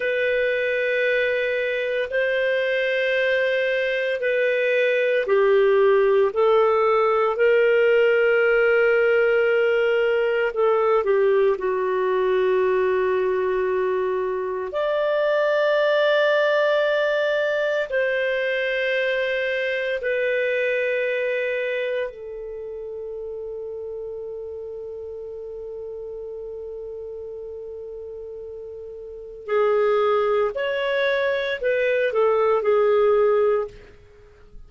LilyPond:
\new Staff \with { instrumentName = "clarinet" } { \time 4/4 \tempo 4 = 57 b'2 c''2 | b'4 g'4 a'4 ais'4~ | ais'2 a'8 g'8 fis'4~ | fis'2 d''2~ |
d''4 c''2 b'4~ | b'4 a'2.~ | a'1 | gis'4 cis''4 b'8 a'8 gis'4 | }